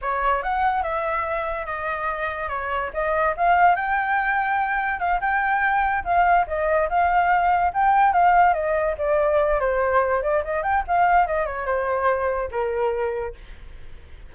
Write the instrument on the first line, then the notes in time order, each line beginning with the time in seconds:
flute
0.01 C#5
0.42 F#5
0.82 E5
1.66 D#5
2.48 C#5
2.93 D#5
3.36 F5
3.75 G5
4.99 F5
5.20 G5
6.04 F5
6.47 D#5
6.89 F5
7.73 G5
8.12 F5
8.53 D#5
8.98 D5
9.60 C5
10.22 D5
10.44 D#5
10.62 G5
10.87 F5
11.26 D#5
11.45 C#5
11.66 C5
12.51 A#4